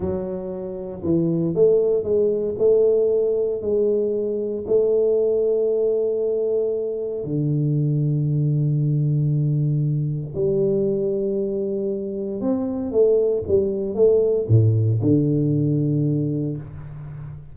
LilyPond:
\new Staff \with { instrumentName = "tuba" } { \time 4/4 \tempo 4 = 116 fis2 e4 a4 | gis4 a2 gis4~ | gis4 a2.~ | a2 d2~ |
d1 | g1 | c'4 a4 g4 a4 | a,4 d2. | }